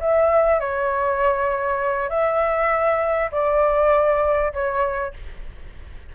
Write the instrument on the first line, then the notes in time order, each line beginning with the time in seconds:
flute
0.00 E5
0.60 C#5
2.09 E5
3.32 D5
4.53 C#5